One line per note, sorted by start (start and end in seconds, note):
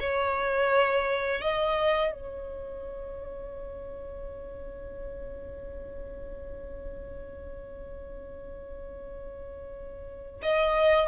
0.00 1.41 C#5
1.41 2.12 D#5
2.12 10.41 C#5
10.42 11.08 D#5